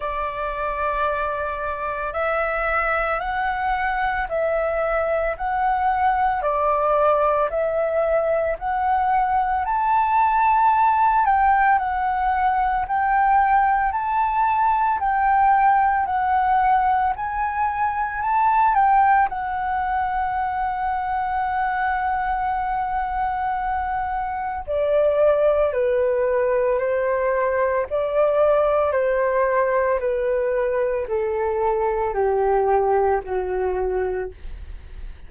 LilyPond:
\new Staff \with { instrumentName = "flute" } { \time 4/4 \tempo 4 = 56 d''2 e''4 fis''4 | e''4 fis''4 d''4 e''4 | fis''4 a''4. g''8 fis''4 | g''4 a''4 g''4 fis''4 |
gis''4 a''8 g''8 fis''2~ | fis''2. d''4 | b'4 c''4 d''4 c''4 | b'4 a'4 g'4 fis'4 | }